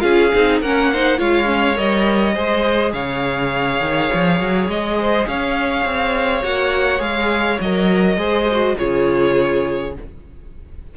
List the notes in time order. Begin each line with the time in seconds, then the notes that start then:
0.00 C#4 F4 G#4 F5
0.34 C4 D#4
0.61 A#3 C#4 A#4 F#5
0.93 D#4 C5
1.18 G#3 F4 C#5 F5
1.45 C#4
1.75 G3 A#4 D#5
2.34 G#3 G#4 C5
2.93 C#3 C#5 F5
3.81 D#3
4.14 F3
4.40 F#3
4.68 G#3 D#5
5.00 C5
5.27 C#4 C#5 F5
5.85 C4
6.43 A#3 F#4 F#5
6.99 G#3 G#4 F5
7.60 F#3 A#4 D#5
8.17 G#3 G#4 C5
8.52 F#4
8.77 C#3 F4 G#4 C#5